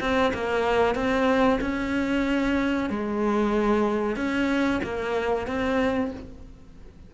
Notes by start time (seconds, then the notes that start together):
0.00 C4
0.34 A#3
0.95 C4
1.61 C#4
2.89 G#3
4.16 C#4
4.83 A#3
5.47 C4